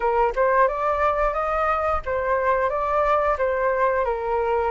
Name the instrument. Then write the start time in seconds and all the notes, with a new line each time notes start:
flute
0.00 A#4
0.36 C5
0.67 D5
1.33 D#5
2.05 C5
2.69 D5
3.37 C5
4.04 A#4